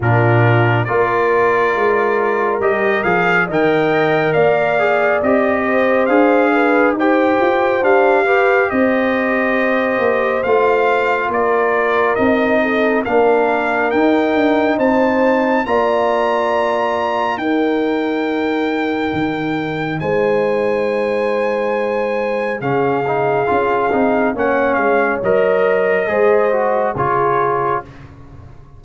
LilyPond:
<<
  \new Staff \with { instrumentName = "trumpet" } { \time 4/4 \tempo 4 = 69 ais'4 d''2 dis''8 f''8 | g''4 f''4 dis''4 f''4 | g''4 f''4 dis''2 | f''4 d''4 dis''4 f''4 |
g''4 a''4 ais''2 | g''2. gis''4~ | gis''2 f''2 | fis''8 f''8 dis''2 cis''4 | }
  \new Staff \with { instrumentName = "horn" } { \time 4/4 f'4 ais'2. | dis''4 d''4. c''4 b'8 | c''4. b'8 c''2~ | c''4 ais'4. a'8 ais'4~ |
ais'4 c''4 d''2 | ais'2. c''4~ | c''2 gis'2 | cis''2 c''4 gis'4 | }
  \new Staff \with { instrumentName = "trombone" } { \time 4/4 d'4 f'2 g'8 gis'8 | ais'4. gis'8 g'4 gis'4 | g'4 d'8 g'2~ g'8 | f'2 dis'4 d'4 |
dis'2 f'2 | dis'1~ | dis'2 cis'8 dis'8 f'8 dis'8 | cis'4 ais'4 gis'8 fis'8 f'4 | }
  \new Staff \with { instrumentName = "tuba" } { \time 4/4 ais,4 ais4 gis4 g8 f8 | dis4 ais4 c'4 d'4 | dis'8 f'8 g'4 c'4. ais8 | a4 ais4 c'4 ais4 |
dis'8 d'8 c'4 ais2 | dis'2 dis4 gis4~ | gis2 cis4 cis'8 c'8 | ais8 gis8 fis4 gis4 cis4 | }
>>